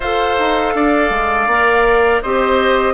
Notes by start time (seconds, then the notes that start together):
0.00 F4 A4 C5 F5
0.39 D#4
0.74 D4 D5
1.09 G#3
1.46 A#3 A#4
2.22 C4 G4 C5 D#5